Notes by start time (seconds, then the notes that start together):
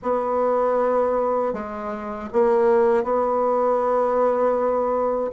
0.02 B3
1.53 G#3
2.32 A#3
3.03 B3